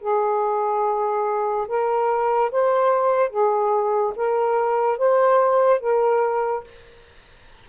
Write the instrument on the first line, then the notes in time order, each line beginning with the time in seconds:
saxophone
0.00 G#4
1.68 A#4
2.51 C5
3.30 G#4
4.16 A#4
4.98 C5
5.80 A#4